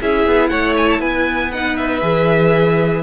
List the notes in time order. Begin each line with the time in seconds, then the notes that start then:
0.00 C#4 E4 G#4 E5
0.26 B3
0.48 A3 C#5 F#5
0.77 G#5
0.90 A5
0.99 B3 B4 G#5
1.51 D#4 F#5
1.76 E5
2.01 E3 G#4